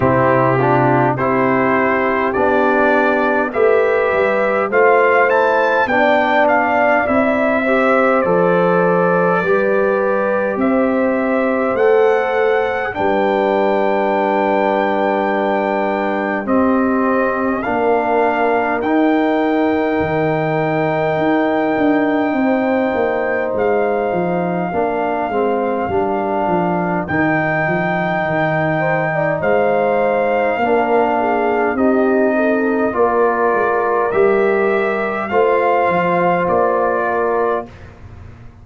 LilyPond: <<
  \new Staff \with { instrumentName = "trumpet" } { \time 4/4 \tempo 4 = 51 g'4 c''4 d''4 e''4 | f''8 a''8 g''8 f''8 e''4 d''4~ | d''4 e''4 fis''4 g''4~ | g''2 dis''4 f''4 |
g''1 | f''2. g''4~ | g''4 f''2 dis''4 | d''4 e''4 f''4 d''4 | }
  \new Staff \with { instrumentName = "horn" } { \time 4/4 e'8 f'8 g'2 b'4 | c''4 d''4. c''4. | b'4 c''2 b'4~ | b'2 g'4 ais'4~ |
ais'2. c''4~ | c''4 ais'2.~ | ais'8 c''16 d''16 c''4 ais'8 gis'8 g'8 a'8 | ais'2 c''4. ais'8 | }
  \new Staff \with { instrumentName = "trombone" } { \time 4/4 c'8 d'8 e'4 d'4 g'4 | f'8 e'8 d'4 e'8 g'8 a'4 | g'2 a'4 d'4~ | d'2 c'4 d'4 |
dis'1~ | dis'4 d'8 c'8 d'4 dis'4~ | dis'2 d'4 dis'4 | f'4 g'4 f'2 | }
  \new Staff \with { instrumentName = "tuba" } { \time 4/4 c4 c'4 b4 a8 g8 | a4 b4 c'4 f4 | g4 c'4 a4 g4~ | g2 c'4 ais4 |
dis'4 dis4 dis'8 d'8 c'8 ais8 | gis8 f8 ais8 gis8 g8 f8 dis8 f8 | dis4 gis4 ais4 c'4 | ais8 gis8 g4 a8 f8 ais4 | }
>>